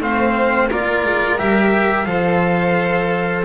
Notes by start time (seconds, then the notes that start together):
0.00 A3 C4 C5 F5
0.69 A#3 F4 A#4 D5
1.05 G#3
1.38 G3 G4 E5
2.06 F3 A4 C5 F5